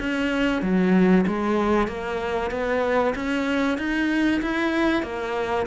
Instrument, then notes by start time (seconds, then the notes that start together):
cello
0.00 C#4
0.62 F#3
1.27 G#3
1.88 A#3
2.51 B3
3.16 C#4
3.78 D#4
4.42 E4
5.03 A#3